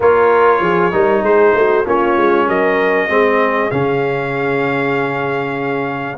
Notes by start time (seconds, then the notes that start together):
0.00 A#3 F4 A#4 C#5
0.60 F3 G#4
0.92 G3 D#4 A#4
1.22 G#3 G#4 C5
1.54 A3 F#4
1.85 A#3 C#4 F4 C#5
2.16 G#3
2.47 F#3 A#4 D#5
3.08 G#3 C4 G#4
3.70 C#3 C#4 F5